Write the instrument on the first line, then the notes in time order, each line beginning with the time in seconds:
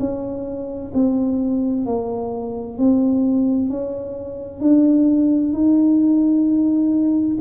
tuba
0.00 C#4
0.94 C4
1.86 A#3
2.78 C4
3.70 C#4
4.61 D4
5.53 D#4